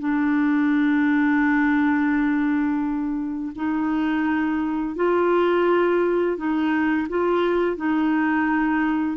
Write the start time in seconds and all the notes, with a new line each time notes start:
0.00 D4
3.56 D#4
4.96 F4
6.38 D#4
7.09 F4
7.77 D#4